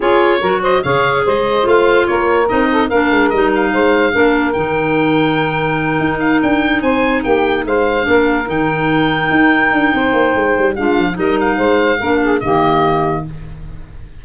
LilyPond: <<
  \new Staff \with { instrumentName = "oboe" } { \time 4/4 \tempo 4 = 145 cis''4. dis''8 f''4 dis''4 | f''4 cis''4 dis''4 f''4 | dis''8 f''2~ f''8 g''4~ | g''2. f''8 g''8~ |
g''8 gis''4 g''4 f''4.~ | f''8 g''2.~ g''8~ | g''2 f''4 dis''8 f''8~ | f''2 dis''2 | }
  \new Staff \with { instrumentName = "saxophone" } { \time 4/4 gis'4 ais'8 c''8 cis''4 c''4~ | c''4 ais'4. a'8 ais'4~ | ais'4 c''4 ais'2~ | ais'1~ |
ais'8 c''4 g'4 c''4 ais'8~ | ais'1 | c''2 f'4 ais'4 | c''4 ais'8 gis'8 g'2 | }
  \new Staff \with { instrumentName = "clarinet" } { \time 4/4 f'4 fis'4 gis'2 | f'2 dis'4 d'4 | dis'2 d'4 dis'4~ | dis'1~ |
dis'2.~ dis'8 d'8~ | d'8 dis'2.~ dis'8~ | dis'2 d'4 dis'4~ | dis'4 d'4 ais2 | }
  \new Staff \with { instrumentName = "tuba" } { \time 4/4 cis'4 fis4 cis4 gis4 | a4 ais4 c'4 ais8 gis8 | g4 gis4 ais4 dis4~ | dis2~ dis8 dis'4 d'8~ |
d'8 c'4 ais4 gis4 ais8~ | ais8 dis2 dis'4 d'8 | c'8 ais8 gis8 g8 gis8 f8 g4 | gis4 ais4 dis2 | }
>>